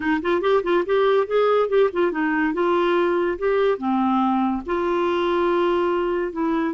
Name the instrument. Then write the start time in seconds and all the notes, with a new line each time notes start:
clarinet
0.00 D#4
0.22 F4
0.41 G4
0.63 F4
0.85 G4
1.26 G#4
1.68 G4
1.92 F4
2.11 D#4
2.53 F4
3.38 G4
3.78 C4
4.66 F4
6.32 E4